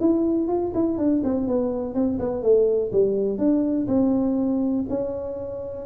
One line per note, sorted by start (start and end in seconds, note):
0.00 0.48 E4
0.48 0.72 F4
0.74 0.97 E4
0.97 1.22 D4
1.24 1.47 C4
1.47 1.94 B3
1.94 2.18 C4
2.18 2.42 B3
2.42 2.91 A3
2.92 3.38 G3
3.38 3.86 D4
3.87 4.85 C4
4.89 5.86 C#4